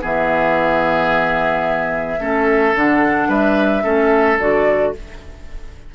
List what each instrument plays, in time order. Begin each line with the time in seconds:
0.00 bassoon E3, clarinet B3, oboe G#4, flute E5
2.20 bassoon A3, clarinet C#4, oboe A4
2.75 bassoon D3, clarinet D4, flute F#5
3.28 bassoon G3, oboe B4, flute E5
3.83 bassoon A3, clarinet C#4, oboe A4
4.39 bassoon D3, clarinet F#4, flute D5